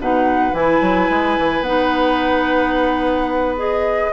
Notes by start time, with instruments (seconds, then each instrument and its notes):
0.00 bassoon B2, clarinet D#4, oboe B4, flute F#5
0.53 bassoon E3, clarinet E4, flute G#5
0.81 bassoon F#3
1.10 bassoon G#3
1.39 bassoon E3
1.61 bassoon B3, clarinet D#4, flute F#5
3.57 clarinet G#4, flute D#5